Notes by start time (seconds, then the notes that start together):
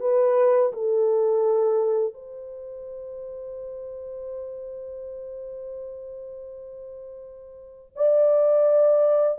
0.00 B4
0.73 A4
2.14 C5
7.96 D5